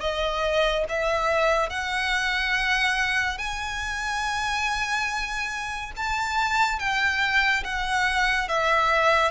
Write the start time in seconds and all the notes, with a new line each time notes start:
0.00 D#5
0.89 E5
1.69 F#5
3.38 G#5
5.96 A5
6.79 G5
7.64 F#5
8.48 E5